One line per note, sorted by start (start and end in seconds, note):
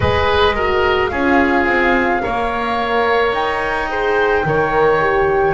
0.00 1.12 G#3
0.00 0.55 G#4
0.00 0.55 B4
0.00 1.08 D#5
0.55 1.11 F#4
0.55 1.10 A#4
1.08 1.65 C#4
1.08 2.21 F4
1.08 2.22 G#4
1.08 3.30 F5
1.65 2.21 C4
2.21 3.32 A#3
2.21 3.88 A#4
2.21 3.90 C#5
3.32 4.43 D#4
3.32 5.53 G5
3.89 4.44 G#4
3.89 4.46 C5
4.45 5.53 D#3
4.45 5.00 A#4
4.45 5.53 C#5
5.00 5.53 G4